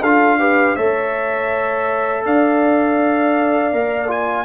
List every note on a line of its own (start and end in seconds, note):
0.00 0.76 D4
0.00 0.39 F4
0.00 0.37 A4
0.00 0.76 F5
0.39 0.76 G4
0.39 0.76 B4
0.76 2.25 A3
0.76 3.72 A4
0.76 2.24 C#5
0.76 2.24 E5
2.25 3.73 D4
2.25 4.44 D5
2.25 4.11 F5
3.72 4.44 A#3
3.72 4.08 A#4
4.08 4.44 F4
4.08 4.44 G#5